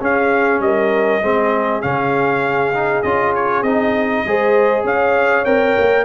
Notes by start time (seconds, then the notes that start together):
0.00 C#4 G#4 F5
0.59 G3 A#4 D#5
1.22 G#3 C4 G#4
1.81 C#3 C#4 F5
2.73 D#4
3.02 C#4 F4 D#5
3.35 C#5
3.62 C4 D#4 D#5
4.25 G#3 G#4 C5
4.84 C#4 C#5 F5
5.44 C4 A#4 G5
5.78 A#3